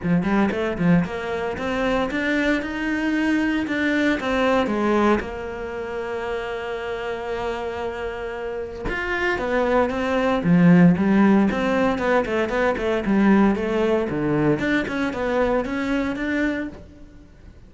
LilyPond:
\new Staff \with { instrumentName = "cello" } { \time 4/4 \tempo 4 = 115 f8 g8 a8 f8 ais4 c'4 | d'4 dis'2 d'4 | c'4 gis4 ais2~ | ais1~ |
ais4 f'4 b4 c'4 | f4 g4 c'4 b8 a8 | b8 a8 g4 a4 d4 | d'8 cis'8 b4 cis'4 d'4 | }